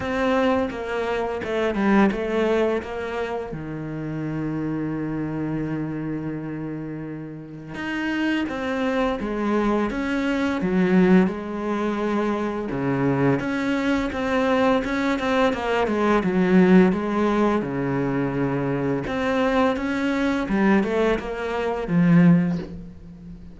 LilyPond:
\new Staff \with { instrumentName = "cello" } { \time 4/4 \tempo 4 = 85 c'4 ais4 a8 g8 a4 | ais4 dis2.~ | dis2. dis'4 | c'4 gis4 cis'4 fis4 |
gis2 cis4 cis'4 | c'4 cis'8 c'8 ais8 gis8 fis4 | gis4 cis2 c'4 | cis'4 g8 a8 ais4 f4 | }